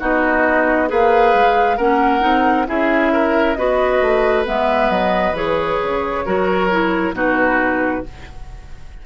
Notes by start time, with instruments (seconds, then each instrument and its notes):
0.00 bassoon B3, clarinet D#4, oboe F#4, flute D#5
0.89 bassoon A#3, clarinet G#4, oboe B4, flute F5
1.35 bassoon G#3
1.77 bassoon A#3, clarinet C#4, oboe A#4, flute F#5
2.21 bassoon C4, clarinet D#4
2.67 bassoon C#4, clarinet E4, oboe G#4, flute E5
3.13 oboe A#4
3.55 bassoon B3, clarinet F#4, oboe B4, flute D#5
4.01 bassoon A3
4.46 bassoon G#3, clarinet B3, flute E5
4.90 bassoon F#3, flute D#5
5.33 bassoon E3, clarinet G#4, flute C#5
5.83 bassoon C#3
6.26 bassoon F#3, clarinet F#4, oboe A#4
6.71 clarinet E4
7.13 bassoon B2, clarinet D#4, oboe F#4, flute B4